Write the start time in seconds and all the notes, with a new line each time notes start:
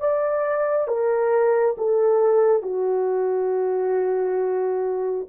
0.00 D5
0.87 A#4
1.78 A4
2.63 F#4